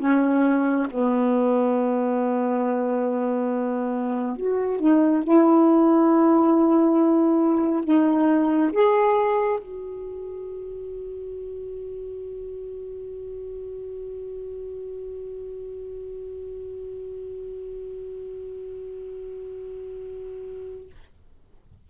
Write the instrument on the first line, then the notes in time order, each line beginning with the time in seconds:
saxophone
0.00 C#4
0.91 B3
4.37 F#4
4.80 D#4
5.24 E4
7.85 D#4
8.73 G#4
9.60 F#4